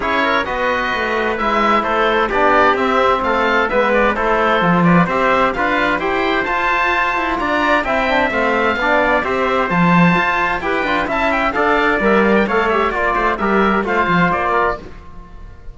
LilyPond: <<
  \new Staff \with { instrumentName = "oboe" } { \time 4/4 \tempo 4 = 130 cis''4 dis''2 e''4 | c''4 d''4 e''4 f''4 | e''8 d''8 c''4. d''8 e''4 | f''4 g''4 a''2 |
ais''4 g''4 f''2 | e''4 a''2 g''4 | a''8 g''8 f''4 e''8 f''16 g''16 f''8 e''8 | d''4 e''4 f''4 d''4 | }
  \new Staff \with { instrumentName = "trumpet" } { \time 4/4 gis'8 ais'8 b'2. | a'4 g'2 a'4 | b'4 a'4. b'8 c''4 | b'4 c''2. |
d''4 e''2 d''4 | c''2. b'4 | e''4 d''2 cis''4 | d''8 c''8 ais'4 c''4. ais'8 | }
  \new Staff \with { instrumentName = "trombone" } { \time 4/4 e'4 fis'2 e'4~ | e'4 d'4 c'2 | b4 e'4 f'4 g'4 | f'4 g'4 f'2~ |
f'4 e'8 d'8 c'4 d'4 | g'4 f'2 g'8 f'8 | e'4 a'4 ais'4 a'8 g'8 | f'4 g'4 f'2 | }
  \new Staff \with { instrumentName = "cello" } { \time 4/4 cis'4 b4 a4 gis4 | a4 b4 c'4 a4 | gis4 a4 f4 c'4 | d'4 e'4 f'4. e'8 |
d'4 c'4 a4 b4 | c'4 f4 f'4 e'8 d'8 | cis'4 d'4 g4 a4 | ais8 a8 g4 a8 f8 ais4 | }
>>